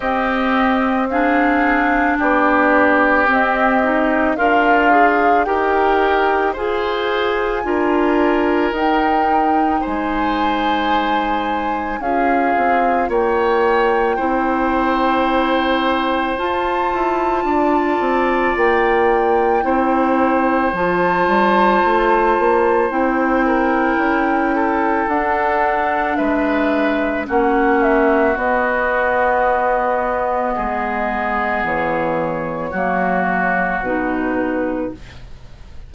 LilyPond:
<<
  \new Staff \with { instrumentName = "flute" } { \time 4/4 \tempo 4 = 55 dis''4 f''4 d''4 dis''4 | f''4 g''4 gis''2 | g''4 gis''2 f''4 | g''2. a''4~ |
a''4 g''2 a''4~ | a''4 g''2 fis''4 | e''4 fis''8 e''8 dis''2~ | dis''4 cis''2 b'4 | }
  \new Staff \with { instrumentName = "oboe" } { \time 4/4 g'4 gis'4 g'2 | f'4 ais'4 c''4 ais'4~ | ais'4 c''2 gis'4 | cis''4 c''2. |
d''2 c''2~ | c''4. ais'4 a'4. | b'4 fis'2. | gis'2 fis'2 | }
  \new Staff \with { instrumentName = "clarinet" } { \time 4/4 c'4 d'2 c'8 dis'8 | ais'8 gis'8 g'4 gis'4 f'4 | dis'2. f'4~ | f'4 e'2 f'4~ |
f'2 e'4 f'4~ | f'4 e'2 d'4~ | d'4 cis'4 b2~ | b2 ais4 dis'4 | }
  \new Staff \with { instrumentName = "bassoon" } { \time 4/4 c'2 b4 c'4 | d'4 dis'4 f'4 d'4 | dis'4 gis2 cis'8 c'8 | ais4 c'2 f'8 e'8 |
d'8 c'8 ais4 c'4 f8 g8 | a8 ais8 c'4 cis'4 d'4 | gis4 ais4 b2 | gis4 e4 fis4 b,4 | }
>>